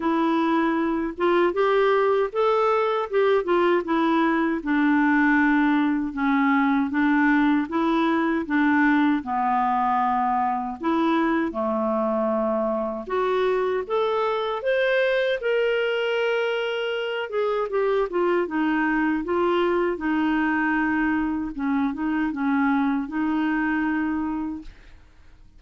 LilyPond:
\new Staff \with { instrumentName = "clarinet" } { \time 4/4 \tempo 4 = 78 e'4. f'8 g'4 a'4 | g'8 f'8 e'4 d'2 | cis'4 d'4 e'4 d'4 | b2 e'4 a4~ |
a4 fis'4 a'4 c''4 | ais'2~ ais'8 gis'8 g'8 f'8 | dis'4 f'4 dis'2 | cis'8 dis'8 cis'4 dis'2 | }